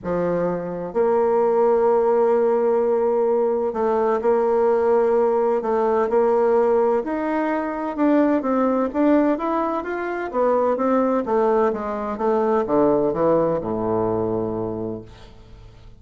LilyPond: \new Staff \with { instrumentName = "bassoon" } { \time 4/4 \tempo 4 = 128 f2 ais2~ | ais1 | a4 ais2. | a4 ais2 dis'4~ |
dis'4 d'4 c'4 d'4 | e'4 f'4 b4 c'4 | a4 gis4 a4 d4 | e4 a,2. | }